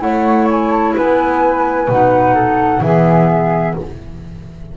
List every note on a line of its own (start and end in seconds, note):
0.00 0.95 A3
0.00 1.88 E4
0.00 0.96 C#5
0.00 0.48 F#5
0.51 0.71 G#5
0.71 0.94 A5
0.96 1.88 B3
0.96 2.35 B4
0.96 1.91 G#5
1.88 2.81 B2
1.88 2.84 D#4
1.88 2.82 F#5
2.35 2.81 A4
2.81 3.75 E3
2.81 3.78 B3
2.81 3.77 G#4
2.81 3.76 E5